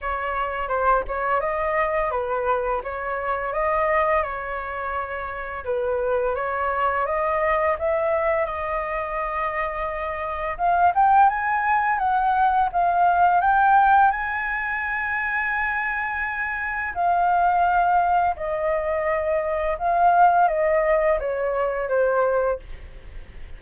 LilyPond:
\new Staff \with { instrumentName = "flute" } { \time 4/4 \tempo 4 = 85 cis''4 c''8 cis''8 dis''4 b'4 | cis''4 dis''4 cis''2 | b'4 cis''4 dis''4 e''4 | dis''2. f''8 g''8 |
gis''4 fis''4 f''4 g''4 | gis''1 | f''2 dis''2 | f''4 dis''4 cis''4 c''4 | }